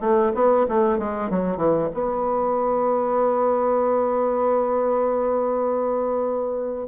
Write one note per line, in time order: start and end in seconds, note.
0.00 0.32 A3
0.35 0.66 B3
0.68 0.98 A3
0.98 1.30 G#3
1.30 1.57 F#3
1.57 1.89 E3
1.94 6.88 B3